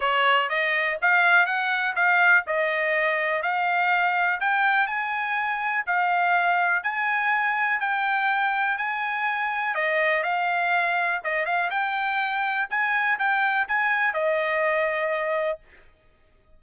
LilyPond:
\new Staff \with { instrumentName = "trumpet" } { \time 4/4 \tempo 4 = 123 cis''4 dis''4 f''4 fis''4 | f''4 dis''2 f''4~ | f''4 g''4 gis''2 | f''2 gis''2 |
g''2 gis''2 | dis''4 f''2 dis''8 f''8 | g''2 gis''4 g''4 | gis''4 dis''2. | }